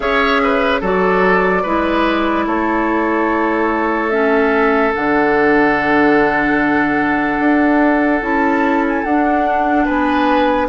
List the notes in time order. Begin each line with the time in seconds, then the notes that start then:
0.00 C#4 G#4 C#5 E5
0.43 B4
0.80 F#3 F#4 A4 D5
1.62 G#3 E4 B4
2.46 A3 A4 C#5
4.10 C#4 E5
4.94 D3 D4 F#5
7.39 D4
8.21 C#4 E4 A5
8.88 G#5
9.03 D4 F#5
9.85 B3 B4 G#5